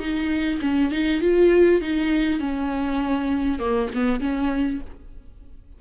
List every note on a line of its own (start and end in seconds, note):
0.00 0.60 D#4
0.62 0.91 C#4
0.91 1.21 D#4
1.21 1.81 F4
1.82 2.40 D#4
2.40 3.59 C#4
3.59 3.89 A#3
3.95 4.21 B3
4.21 4.81 C#4